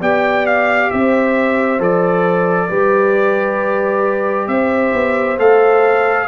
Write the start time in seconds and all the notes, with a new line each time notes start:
0.00 B3 G4 D5 G5
0.46 F5
0.91 C4 C5 E5
1.79 F3 A4 D5
2.68 G3 G4 B4
4.48 C4 C5 E5
4.93 B3
5.38 A3 A4 F5